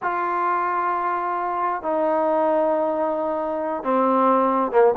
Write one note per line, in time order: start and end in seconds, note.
0.02 1.82 F4
1.82 3.83 D#4
3.83 4.71 C4
4.71 4.94 A#3